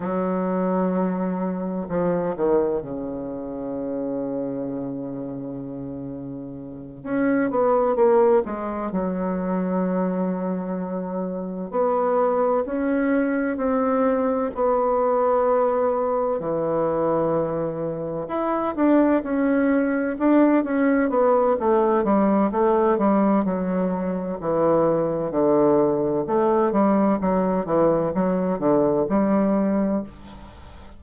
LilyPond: \new Staff \with { instrumentName = "bassoon" } { \time 4/4 \tempo 4 = 64 fis2 f8 dis8 cis4~ | cis2.~ cis8 cis'8 | b8 ais8 gis8 fis2~ fis8~ | fis8 b4 cis'4 c'4 b8~ |
b4. e2 e'8 | d'8 cis'4 d'8 cis'8 b8 a8 g8 | a8 g8 fis4 e4 d4 | a8 g8 fis8 e8 fis8 d8 g4 | }